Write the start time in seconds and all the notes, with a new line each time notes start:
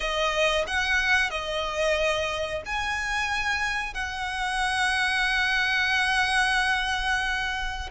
0.00 D#5
0.67 F#5
1.30 D#5
2.65 G#5
3.94 F#5